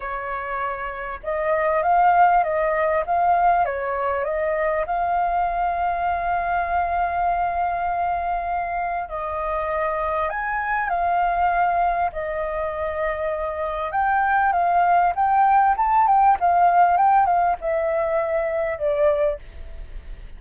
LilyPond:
\new Staff \with { instrumentName = "flute" } { \time 4/4 \tempo 4 = 99 cis''2 dis''4 f''4 | dis''4 f''4 cis''4 dis''4 | f''1~ | f''2. dis''4~ |
dis''4 gis''4 f''2 | dis''2. g''4 | f''4 g''4 a''8 g''8 f''4 | g''8 f''8 e''2 d''4 | }